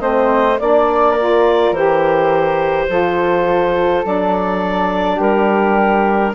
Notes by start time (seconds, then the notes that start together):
0.00 A3 C4 C5 D#5
0.58 A#3 D4 D5
1.11 A#4
1.19 F4
1.71 E3 G4 C5
2.88 F3 F4 A4
4.04 F#3 D4 D5
5.15 G3 G4 A#4